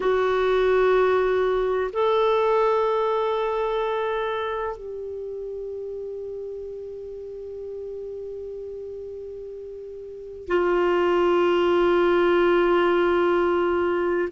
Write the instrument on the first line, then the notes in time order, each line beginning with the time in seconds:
clarinet
0.00 F#4
1.93 A4
4.77 G4
10.47 F4